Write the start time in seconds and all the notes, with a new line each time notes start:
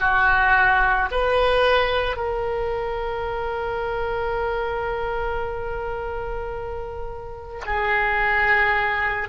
0.00 F#4
1.12 B4
2.16 A#4
7.66 G#4